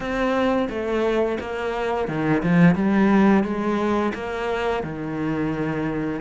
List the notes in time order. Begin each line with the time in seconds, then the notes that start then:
0.00 C4
0.69 A3
1.39 A#3
2.08 D#3
2.42 F3
2.75 G3
3.43 G#3
4.14 A#3
4.83 D#3